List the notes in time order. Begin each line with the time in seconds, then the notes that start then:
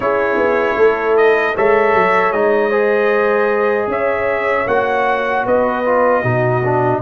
0.00 C#4 E4 G#4 C#5
0.36 B3
0.76 A3 A4
1.16 D#5
1.55 G#3 A4 C#5 E5
1.94 F#3
2.32 G#3 D#4 D#5
2.69 G#4 C5
3.87 C#4 C#5 E5
4.66 A#3 F#4 F#5
5.45 B3 B4 D#5
5.85 F4
6.21 B2 D#4 F#4
6.64 D4